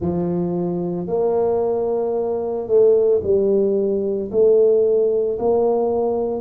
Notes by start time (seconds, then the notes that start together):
0.00 F3
1.07 A#3
2.67 A3
3.23 G3
4.31 A3
5.39 A#3